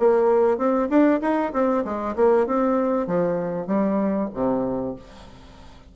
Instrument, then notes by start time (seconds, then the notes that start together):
bassoon
0.00 A#3
0.58 C4
0.90 D4
1.22 D#4
1.54 C4
1.85 G#3
2.16 A#3
2.47 C4
3.08 F3
3.67 G3
4.34 C3